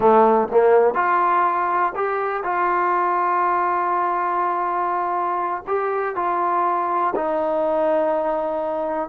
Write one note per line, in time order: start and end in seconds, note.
0.00 0.48 A3
0.51 0.94 A#3
0.94 1.92 F4
1.95 2.43 G4
2.43 5.63 F4
5.67 6.15 G4
6.15 7.14 F4
7.15 9.09 D#4